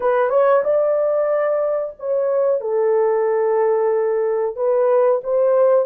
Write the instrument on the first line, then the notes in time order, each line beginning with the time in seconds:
horn
0.00 B4
0.29 C#5
0.63 D5
1.99 C#5
2.61 A4
4.55 B4
5.23 C5